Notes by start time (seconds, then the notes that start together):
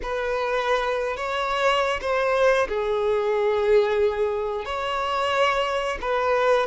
0.02 B4
1.16 C#5
2.01 C5
2.68 G#4
4.65 C#5
6.01 B4